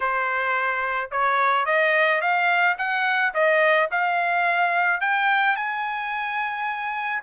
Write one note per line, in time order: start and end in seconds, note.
0.00 1.10 C5
1.11 1.65 C#5
1.65 2.21 D#5
2.21 2.76 F5
2.78 3.33 F#5
3.34 3.89 D#5
3.91 5.00 F5
5.00 5.56 G5
5.56 7.22 G#5